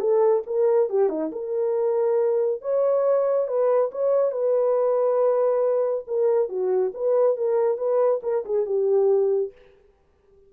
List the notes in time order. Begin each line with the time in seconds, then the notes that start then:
0.00 A4
0.47 A#4
0.90 G4
1.09 D#4
1.32 A#4
2.62 C#5
3.48 B4
3.92 C#5
4.32 B4
6.07 A#4
6.49 F#4
6.94 B4
7.37 A#4
7.78 B4
8.23 A#4
8.45 G#4
8.66 G4